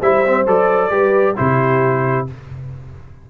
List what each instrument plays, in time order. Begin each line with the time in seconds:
0.00 tuba G3, trombone E4, horn C5, trumpet E5
0.25 trombone C4
0.47 tuba F#3, trombone A4, trumpet D5
0.90 tuba G3, trombone G4, horn B4
1.37 tuba C3, trombone E4, horn G4, trumpet C5